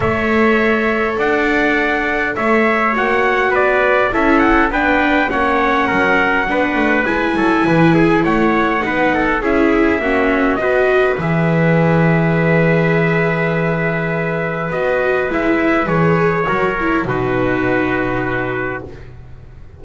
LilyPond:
<<
  \new Staff \with { instrumentName = "trumpet" } { \time 4/4 \tempo 4 = 102 e''2 fis''2 | e''4 fis''4 d''4 e''8 fis''8 | g''4 fis''2. | gis''2 fis''2 |
e''2 dis''4 e''4~ | e''1~ | e''4 dis''4 e''4 cis''4~ | cis''4 b'2. | }
  \new Staff \with { instrumentName = "trumpet" } { \time 4/4 cis''2 d''2 | cis''2 b'4 a'4 | b'4 cis''4 ais'4 b'4~ | b'8 a'8 b'8 gis'8 cis''4 b'8 a'8 |
gis'4 fis'4 b'2~ | b'1~ | b'1 | ais'4 fis'2. | }
  \new Staff \with { instrumentName = "viola" } { \time 4/4 a'1~ | a'4 fis'2 e'4 | d'4 cis'2 d'4 | e'2. dis'4 |
e'4 cis'4 fis'4 gis'4~ | gis'1~ | gis'4 fis'4 e'4 gis'4 | fis'8 e'8 dis'2. | }
  \new Staff \with { instrumentName = "double bass" } { \time 4/4 a2 d'2 | a4 ais4 b4 cis'4 | b4 ais4 fis4 b8 a8 | gis8 fis8 e4 a4 b4 |
cis'4 ais4 b4 e4~ | e1~ | e4 b4 gis4 e4 | fis4 b,2. | }
>>